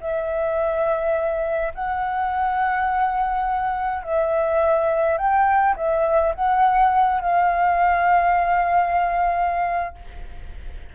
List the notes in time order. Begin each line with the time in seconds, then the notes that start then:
0.00 E5
1.74 F#5
4.03 E5
5.17 G5
5.76 E5
6.34 F#5
7.21 F5